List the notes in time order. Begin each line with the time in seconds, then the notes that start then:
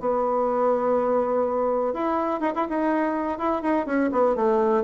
0.00 B3
1.93 E4
2.40 D#4
2.55 E4
2.69 D#4
3.38 E4
3.62 D#4
3.86 C#4
4.12 B3
4.35 A3